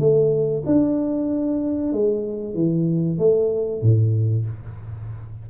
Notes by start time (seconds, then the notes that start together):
0.00 A3
0.66 D4
1.93 G#3
2.55 E3
3.19 A3
3.83 A2